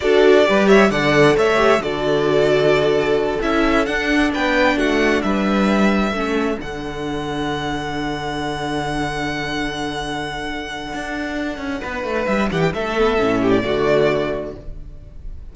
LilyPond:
<<
  \new Staff \with { instrumentName = "violin" } { \time 4/4 \tempo 4 = 132 d''4. e''8 fis''4 e''4 | d''2.~ d''8 e''8~ | e''8 fis''4 g''4 fis''4 e''8~ | e''2~ e''8 fis''4.~ |
fis''1~ | fis''1~ | fis''2. e''8 fis''16 g''16 | e''4.~ e''16 d''2~ d''16 | }
  \new Staff \with { instrumentName = "violin" } { \time 4/4 a'4 b'8 cis''8 d''4 cis''4 | a'1~ | a'4. b'4 fis'4 b'8~ | b'4. a'2~ a'8~ |
a'1~ | a'1~ | a'2 b'4. g'8 | a'4. g'8 fis'2 | }
  \new Staff \with { instrumentName = "viola" } { \time 4/4 fis'4 g'4 a'4. g'8 | fis'2.~ fis'8 e'8~ | e'8 d'2.~ d'8~ | d'4. cis'4 d'4.~ |
d'1~ | d'1~ | d'1~ | d'8 b8 cis'4 a2 | }
  \new Staff \with { instrumentName = "cello" } { \time 4/4 d'4 g4 d4 a4 | d2.~ d8 cis'8~ | cis'8 d'4 b4 a4 g8~ | g4. a4 d4.~ |
d1~ | d1 | d'4. cis'8 b8 a8 g8 e8 | a4 a,4 d2 | }
>>